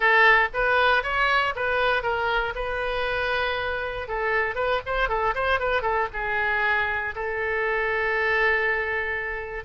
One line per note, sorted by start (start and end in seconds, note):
0.00 0.48 A4
0.53 1.03 B4
1.03 1.54 C#5
1.55 2.02 B4
2.02 2.53 A#4
2.55 4.07 B4
4.08 4.55 A4
4.55 4.81 B4
4.86 5.08 C5
5.08 5.34 A4
5.34 5.59 C5
5.59 5.82 B4
5.82 6.07 A4
6.13 7.14 G#4
7.15 9.64 A4